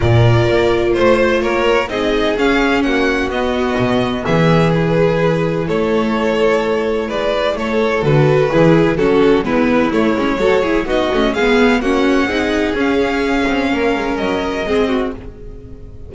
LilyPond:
<<
  \new Staff \with { instrumentName = "violin" } { \time 4/4 \tempo 4 = 127 d''2 c''4 cis''4 | dis''4 f''4 fis''4 dis''4~ | dis''4 e''4 b'2 | cis''2. d''4 |
cis''4 b'2 a'4 | b'4 cis''2 dis''4 | f''4 fis''2 f''4~ | f''2 dis''2 | }
  \new Staff \with { instrumentName = "violin" } { \time 4/4 ais'2 c''4 ais'4 | gis'2 fis'2~ | fis'4 gis'2. | a'2. b'4 |
a'2 gis'4 fis'4 | e'2 a'8 gis'8 fis'4 | gis'4 fis'4 gis'2~ | gis'4 ais'2 gis'8 fis'8 | }
  \new Staff \with { instrumentName = "viola" } { \time 4/4 f'1 | dis'4 cis'2 b4~ | b2 e'2~ | e'1~ |
e'4 fis'4 e'4 cis'4 | b4 a8 cis'8 fis'8 e'8 dis'8 cis'8 | b4 cis'4 dis'4 cis'4~ | cis'2. c'4 | }
  \new Staff \with { instrumentName = "double bass" } { \time 4/4 ais,4 ais4 a4 ais4 | c'4 cis'4 ais4 b4 | b,4 e2. | a2. gis4 |
a4 d4 e4 fis4 | gis4 a8 gis8 fis4 b8 a8 | gis4 ais4 c'4 cis'4~ | cis'8 c'8 ais8 gis8 fis4 gis4 | }
>>